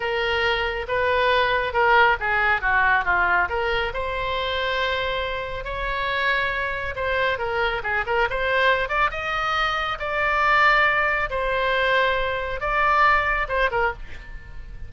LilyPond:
\new Staff \with { instrumentName = "oboe" } { \time 4/4 \tempo 4 = 138 ais'2 b'2 | ais'4 gis'4 fis'4 f'4 | ais'4 c''2.~ | c''4 cis''2. |
c''4 ais'4 gis'8 ais'8 c''4~ | c''8 d''8 dis''2 d''4~ | d''2 c''2~ | c''4 d''2 c''8 ais'8 | }